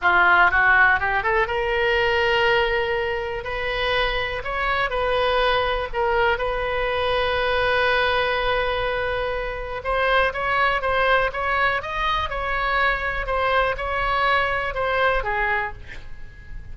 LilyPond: \new Staff \with { instrumentName = "oboe" } { \time 4/4 \tempo 4 = 122 f'4 fis'4 g'8 a'8 ais'4~ | ais'2. b'4~ | b'4 cis''4 b'2 | ais'4 b'2.~ |
b'1 | c''4 cis''4 c''4 cis''4 | dis''4 cis''2 c''4 | cis''2 c''4 gis'4 | }